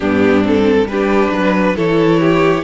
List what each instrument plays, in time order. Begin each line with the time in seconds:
0.00 cello G2, viola B3, violin D4 G4
0.42 viola C4, violin A4
0.84 cello G3, violin B4
0.90 viola D4, violin G4
1.32 cello F#3, violin B4
1.76 cello E3, viola E4, violin A4 C#5
2.20 violin G4